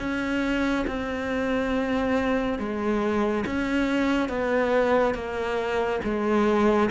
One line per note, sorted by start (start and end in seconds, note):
0.00 0.86 C#4
0.88 2.59 C4
2.59 3.45 G#3
3.47 4.29 C#4
4.29 5.15 B3
5.15 6.00 A#3
6.05 6.90 G#3